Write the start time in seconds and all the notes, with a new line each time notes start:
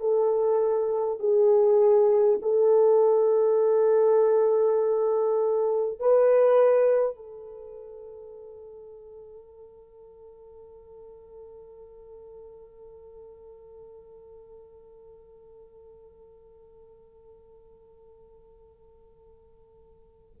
0.00 A4
1.19 G#4
2.42 A4
5.99 B4
7.16 A4